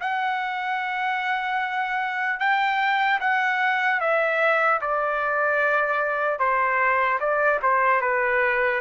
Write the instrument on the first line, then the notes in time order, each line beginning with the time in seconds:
trumpet
0.00 F#5
2.39 G5
3.20 F#5
4.00 E5
4.81 D5
6.39 C5
7.20 D5
7.62 C5
8.01 B4